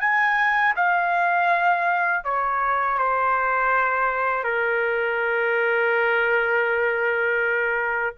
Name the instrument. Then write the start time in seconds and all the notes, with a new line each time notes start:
trumpet
0.00 G#5
0.76 F5
2.24 C#5
2.98 C5
4.44 A#4